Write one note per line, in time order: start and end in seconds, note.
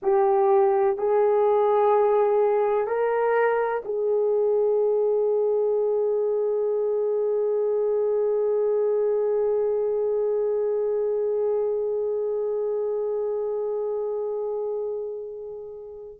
0.02 0.97 G4
0.97 2.87 G#4
2.87 3.82 A#4
3.84 16.19 G#4